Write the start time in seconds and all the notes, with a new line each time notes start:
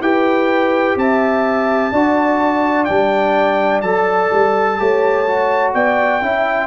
0.00 E4 G4 B4 G5
0.96 C4 E5 A5
1.92 D4 F#4 D5
2.85 G3 D4 G5
3.81 F#3 A4 A5
4.33 G3
4.78 A3 G4 C#5
5.26 F#4
5.74 B3 D5 G5
6.21 C#4 E4 E5